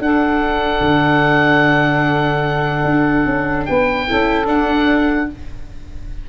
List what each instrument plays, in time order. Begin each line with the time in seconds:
0.00 tuba D4, viola D4, saxophone A4, oboe F#5
0.81 tuba D3
2.84 tuba D4
3.26 tuba C#4
3.66 tuba B3, saxophone B4, oboe G5
4.08 tuba C#4, viola E4, saxophone A4
4.45 viola D4, tuba D4, oboe F#5